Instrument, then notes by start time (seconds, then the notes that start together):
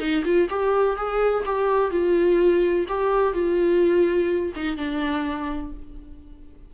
viola
0.00 D#4
0.25 F4
0.50 G4
0.97 G#4
1.46 G4
1.91 F4
2.89 G4
3.34 F4
4.56 D#4
4.77 D4